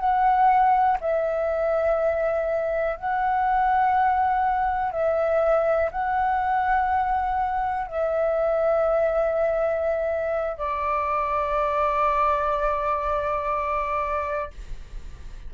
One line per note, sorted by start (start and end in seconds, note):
0.00 0.98 F#5
1.01 2.97 E5
2.97 4.92 F#5
4.92 5.91 E5
5.92 7.87 F#5
7.87 10.58 E5
10.58 14.51 D5